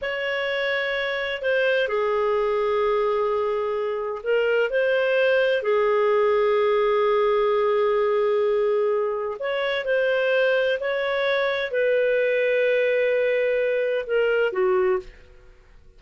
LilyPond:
\new Staff \with { instrumentName = "clarinet" } { \time 4/4 \tempo 4 = 128 cis''2. c''4 | gis'1~ | gis'4 ais'4 c''2 | gis'1~ |
gis'1 | cis''4 c''2 cis''4~ | cis''4 b'2.~ | b'2 ais'4 fis'4 | }